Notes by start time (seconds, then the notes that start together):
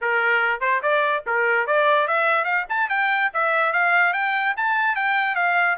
0.01 A#4
0.60 C5
0.82 D5
1.26 A#4
1.66 D5
2.07 E5
2.44 F5
2.69 A5
2.89 G5
3.33 E5
3.72 F5
4.13 G5
4.56 A5
4.95 G5
5.35 F5